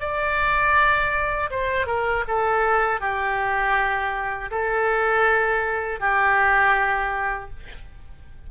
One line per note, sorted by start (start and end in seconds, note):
0.00 1.50 D5
1.50 1.86 C5
1.86 2.24 A#4
2.27 3.00 A4
3.00 4.50 G4
4.51 6.00 A4
6.00 7.50 G4